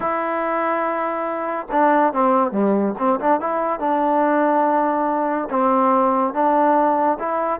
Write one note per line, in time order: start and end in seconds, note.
0.00 1.67 E4
1.71 2.13 D4
2.13 2.51 C4
2.51 2.94 G3
2.98 3.19 C4
3.19 3.40 D4
3.40 3.79 E4
3.79 5.48 D4
5.49 6.33 C4
6.33 7.18 D4
7.19 7.60 E4